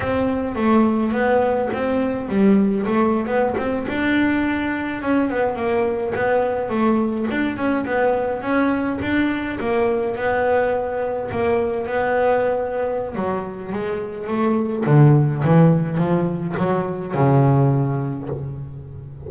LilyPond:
\new Staff \with { instrumentName = "double bass" } { \time 4/4 \tempo 4 = 105 c'4 a4 b4 c'4 | g4 a8. b8 c'8 d'4~ d'16~ | d'8. cis'8 b8 ais4 b4 a16~ | a8. d'8 cis'8 b4 cis'4 d'16~ |
d'8. ais4 b2 ais16~ | ais8. b2~ b16 fis4 | gis4 a4 d4 e4 | f4 fis4 cis2 | }